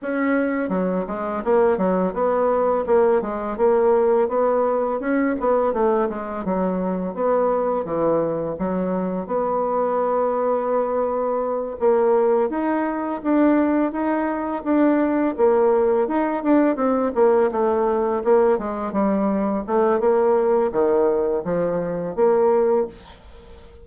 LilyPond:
\new Staff \with { instrumentName = "bassoon" } { \time 4/4 \tempo 4 = 84 cis'4 fis8 gis8 ais8 fis8 b4 | ais8 gis8 ais4 b4 cis'8 b8 | a8 gis8 fis4 b4 e4 | fis4 b2.~ |
b8 ais4 dis'4 d'4 dis'8~ | dis'8 d'4 ais4 dis'8 d'8 c'8 | ais8 a4 ais8 gis8 g4 a8 | ais4 dis4 f4 ais4 | }